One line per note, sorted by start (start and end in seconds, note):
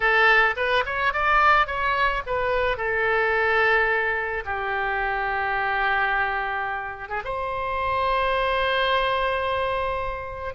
0.00 0.55 A4
0.56 0.84 B4
0.85 1.13 C#5
1.13 1.67 D5
1.67 2.22 C#5
2.26 2.77 B4
2.77 4.43 A4
4.45 7.08 G4
7.08 7.22 G#4
7.24 10.54 C5